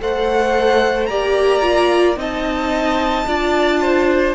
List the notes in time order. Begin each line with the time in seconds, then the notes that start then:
0.00 A3 A4 C5 F#5
1.06 A#3 G4 D5 A#5
1.62 F4
2.16 C4 D#4 D#5 A5
3.26 D4 F4 D5
3.81 C5